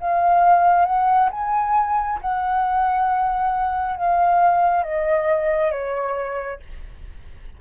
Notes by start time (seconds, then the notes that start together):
0.00 F5
0.85 F#5
1.31 G#5
2.21 F#5
3.96 F5
4.83 D#5
5.72 C#5